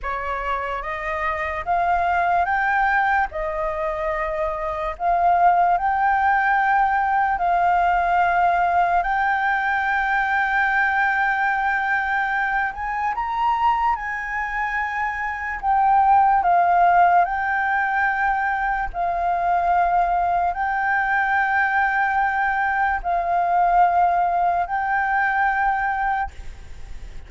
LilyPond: \new Staff \with { instrumentName = "flute" } { \time 4/4 \tempo 4 = 73 cis''4 dis''4 f''4 g''4 | dis''2 f''4 g''4~ | g''4 f''2 g''4~ | g''2.~ g''8 gis''8 |
ais''4 gis''2 g''4 | f''4 g''2 f''4~ | f''4 g''2. | f''2 g''2 | }